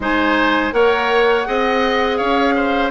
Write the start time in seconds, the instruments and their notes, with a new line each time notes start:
0.00 bassoon G#3, clarinet D#4, oboe C5, flute G#5
0.71 bassoon A#3, clarinet A#4, oboe C#5, flute F#5
1.45 bassoon C4, clarinet G#4, oboe D#5
2.17 bassoon C#4, oboe C#5, flute F5
2.55 oboe C5